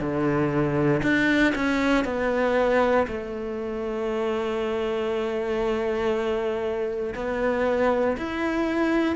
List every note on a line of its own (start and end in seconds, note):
0.00 1.02 D3
1.03 1.53 D4
1.55 2.05 C#4
2.05 3.06 B3
3.07 7.14 A3
7.15 8.17 B3
8.17 9.16 E4